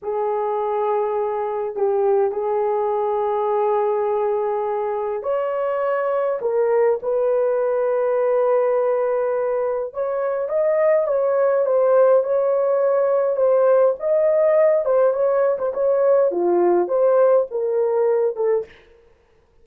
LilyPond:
\new Staff \with { instrumentName = "horn" } { \time 4/4 \tempo 4 = 103 gis'2. g'4 | gis'1~ | gis'4 cis''2 ais'4 | b'1~ |
b'4 cis''4 dis''4 cis''4 | c''4 cis''2 c''4 | dis''4. c''8 cis''8. c''16 cis''4 | f'4 c''4 ais'4. a'8 | }